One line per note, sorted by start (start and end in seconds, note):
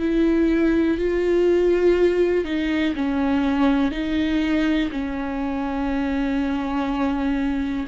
0.00 0.98 E4
0.98 2.45 F4
2.45 2.94 D#4
2.96 3.92 C#4
3.92 4.90 D#4
4.92 7.87 C#4